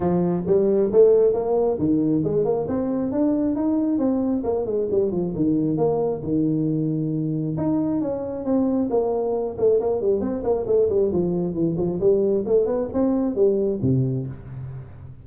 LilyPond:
\new Staff \with { instrumentName = "tuba" } { \time 4/4 \tempo 4 = 135 f4 g4 a4 ais4 | dis4 gis8 ais8 c'4 d'4 | dis'4 c'4 ais8 gis8 g8 f8 | dis4 ais4 dis2~ |
dis4 dis'4 cis'4 c'4 | ais4. a8 ais8 g8 c'8 ais8 | a8 g8 f4 e8 f8 g4 | a8 b8 c'4 g4 c4 | }